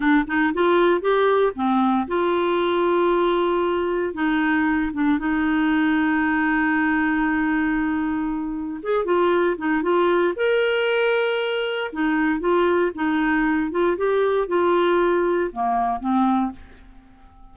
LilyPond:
\new Staff \with { instrumentName = "clarinet" } { \time 4/4 \tempo 4 = 116 d'8 dis'8 f'4 g'4 c'4 | f'1 | dis'4. d'8 dis'2~ | dis'1~ |
dis'4 gis'8 f'4 dis'8 f'4 | ais'2. dis'4 | f'4 dis'4. f'8 g'4 | f'2 ais4 c'4 | }